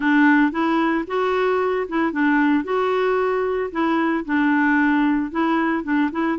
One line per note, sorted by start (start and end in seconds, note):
0.00 0.51 D4
0.51 1.04 E4
1.07 1.87 F#4
1.88 2.12 E4
2.12 2.64 D4
2.64 3.70 F#4
3.71 4.24 E4
4.25 5.31 D4
5.31 5.83 E4
5.83 6.10 D4
6.11 6.38 E4